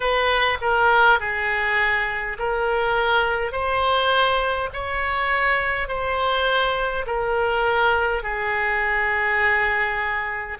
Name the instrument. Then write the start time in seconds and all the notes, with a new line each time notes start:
oboe
0.00 B4
0.61 A#4
1.19 G#4
2.39 A#4
3.52 C5
4.73 C#5
5.88 C5
7.06 A#4
8.22 G#4